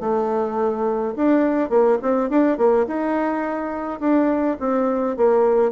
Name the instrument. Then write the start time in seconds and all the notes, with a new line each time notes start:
bassoon
0.00 A3
1.16 D4
1.69 A#3
2.02 C4
2.29 D4
2.57 A#3
2.87 D#4
4.00 D4
4.59 C4
5.17 A#3